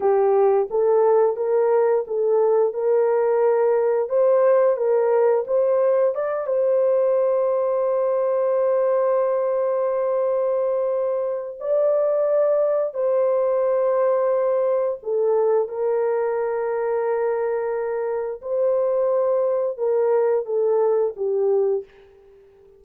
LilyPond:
\new Staff \with { instrumentName = "horn" } { \time 4/4 \tempo 4 = 88 g'4 a'4 ais'4 a'4 | ais'2 c''4 ais'4 | c''4 d''8 c''2~ c''8~ | c''1~ |
c''4 d''2 c''4~ | c''2 a'4 ais'4~ | ais'2. c''4~ | c''4 ais'4 a'4 g'4 | }